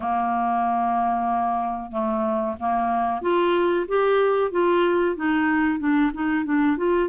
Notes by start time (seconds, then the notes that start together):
0.00 A#3
1.91 A3
2.59 A#3
3.21 F4
3.88 G4
4.51 F4
5.16 D#4
5.79 D4
6.13 D#4
6.45 D4
6.77 F4